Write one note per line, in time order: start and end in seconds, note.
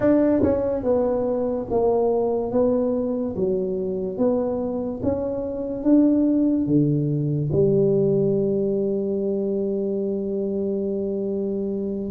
0.00 0.42 D4
0.42 0.83 C#4
0.83 1.66 B3
1.70 2.51 A#3
2.51 3.34 B3
3.36 4.17 F#3
4.17 5.00 B3
5.02 5.83 C#4
5.83 6.66 D4
6.66 7.50 D3
7.52 12.10 G3